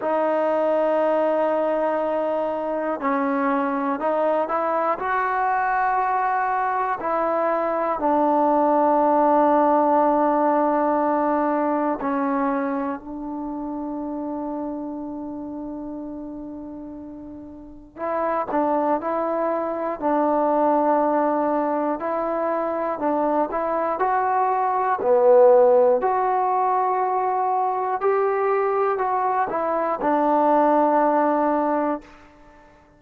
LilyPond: \new Staff \with { instrumentName = "trombone" } { \time 4/4 \tempo 4 = 60 dis'2. cis'4 | dis'8 e'8 fis'2 e'4 | d'1 | cis'4 d'2.~ |
d'2 e'8 d'8 e'4 | d'2 e'4 d'8 e'8 | fis'4 b4 fis'2 | g'4 fis'8 e'8 d'2 | }